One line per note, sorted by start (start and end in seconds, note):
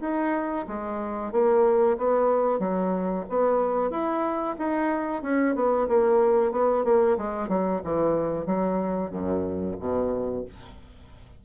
0.00 0.65 D#4
0.68 1.32 G#3
1.32 1.97 A#3
1.97 2.59 B3
2.59 3.24 F#3
3.29 3.90 B3
3.90 4.55 E4
4.58 5.22 D#4
5.22 5.55 C#4
5.55 5.88 B3
5.88 6.52 A#3
6.52 6.84 B3
6.84 7.17 A#3
7.17 7.48 G#3
7.48 7.81 F#3
7.84 8.46 E3
8.46 9.10 F#3
9.10 9.75 F#2
9.79 10.45 B2